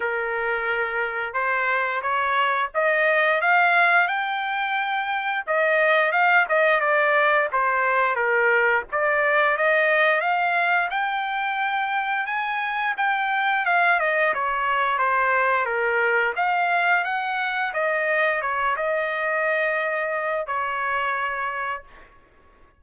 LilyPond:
\new Staff \with { instrumentName = "trumpet" } { \time 4/4 \tempo 4 = 88 ais'2 c''4 cis''4 | dis''4 f''4 g''2 | dis''4 f''8 dis''8 d''4 c''4 | ais'4 d''4 dis''4 f''4 |
g''2 gis''4 g''4 | f''8 dis''8 cis''4 c''4 ais'4 | f''4 fis''4 dis''4 cis''8 dis''8~ | dis''2 cis''2 | }